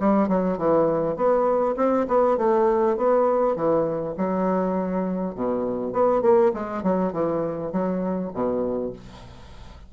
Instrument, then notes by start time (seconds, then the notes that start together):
bassoon
0.00 G3
0.29 F#3
0.58 E3
1.17 B3
1.77 C4
2.08 B3
2.38 A3
2.98 B3
3.56 E3
4.18 F#3
5.35 B2
5.93 B3
6.22 A#3
6.54 G#3
6.83 F#3
7.13 E3
7.73 F#3
8.34 B2